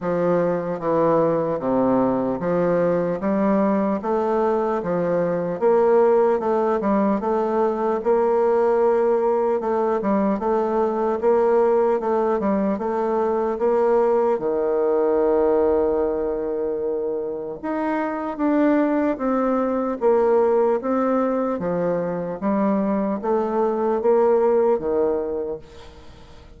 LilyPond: \new Staff \with { instrumentName = "bassoon" } { \time 4/4 \tempo 4 = 75 f4 e4 c4 f4 | g4 a4 f4 ais4 | a8 g8 a4 ais2 | a8 g8 a4 ais4 a8 g8 |
a4 ais4 dis2~ | dis2 dis'4 d'4 | c'4 ais4 c'4 f4 | g4 a4 ais4 dis4 | }